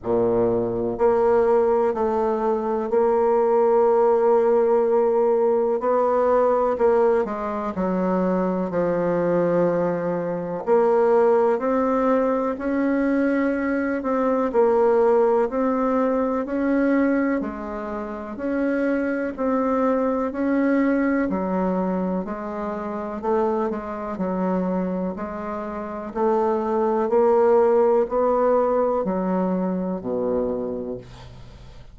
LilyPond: \new Staff \with { instrumentName = "bassoon" } { \time 4/4 \tempo 4 = 62 ais,4 ais4 a4 ais4~ | ais2 b4 ais8 gis8 | fis4 f2 ais4 | c'4 cis'4. c'8 ais4 |
c'4 cis'4 gis4 cis'4 | c'4 cis'4 fis4 gis4 | a8 gis8 fis4 gis4 a4 | ais4 b4 fis4 b,4 | }